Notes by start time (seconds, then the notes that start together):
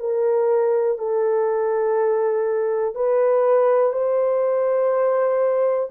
0.00 A#4
0.98 A4
2.95 B4
3.93 C5